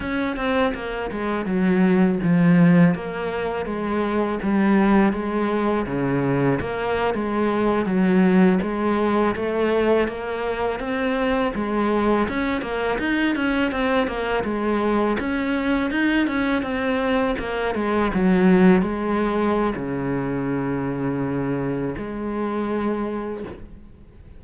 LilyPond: \new Staff \with { instrumentName = "cello" } { \time 4/4 \tempo 4 = 82 cis'8 c'8 ais8 gis8 fis4 f4 | ais4 gis4 g4 gis4 | cis4 ais8. gis4 fis4 gis16~ | gis8. a4 ais4 c'4 gis16~ |
gis8. cis'8 ais8 dis'8 cis'8 c'8 ais8 gis16~ | gis8. cis'4 dis'8 cis'8 c'4 ais16~ | ais16 gis8 fis4 gis4~ gis16 cis4~ | cis2 gis2 | }